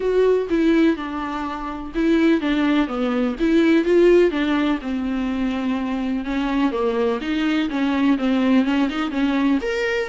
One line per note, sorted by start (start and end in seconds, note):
0.00 0.48 F#4
0.49 0.96 E4
0.96 1.92 D4
1.95 2.40 E4
2.40 2.87 D4
2.87 3.35 B3
3.39 3.84 E4
3.84 4.30 F4
4.30 4.78 D4
4.81 6.24 C4
6.24 6.71 C#4
6.71 7.19 A#3
7.21 7.69 D#4
7.69 8.17 C#4
8.18 8.64 C4
8.64 8.88 C#4
8.89 9.11 D#4
9.11 9.59 C#4
9.61 10.08 A#4